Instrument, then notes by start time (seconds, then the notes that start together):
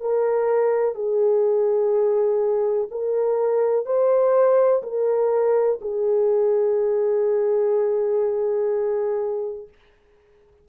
horn
0.00 A#4
0.95 G#4
2.90 A#4
3.85 C5
4.83 A#4
5.81 G#4